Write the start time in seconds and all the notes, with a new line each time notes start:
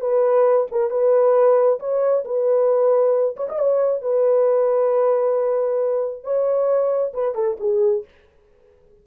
0.00 B4
0.71 A#4
0.90 B4
1.79 C#5
2.24 B4
3.36 C#5
3.48 D#5
3.58 C#5
4.01 B4
6.23 C#5
7.13 B4
7.35 A4
7.60 G#4